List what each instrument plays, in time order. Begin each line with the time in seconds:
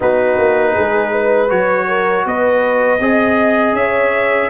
0.00 tuba B3, trombone D#4, horn F#4, trumpet B4
0.38 tuba A#3
0.73 tuba G#3, horn G#4
1.11 horn B4
1.48 tuba F#3, trombone F#4, trumpet C#5
1.87 horn A#4
2.25 tuba B3, horn B4, trumpet D#5
3.00 tuba C4, trombone G#4, horn D#5
3.73 tuba C#4, horn C#5, trumpet E5